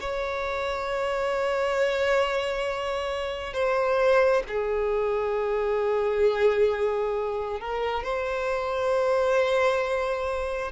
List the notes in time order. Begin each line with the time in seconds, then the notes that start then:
0.00 C#5
3.53 C5
4.48 G#4
7.60 A#4
8.03 C5